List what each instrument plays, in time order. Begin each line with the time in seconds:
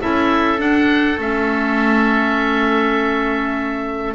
0.00 double bass C#4, clarinet E4, oboe A4 E5
0.57 clarinet D4, double bass D4, oboe F#5
1.18 double bass A3, clarinet C#4, oboe E5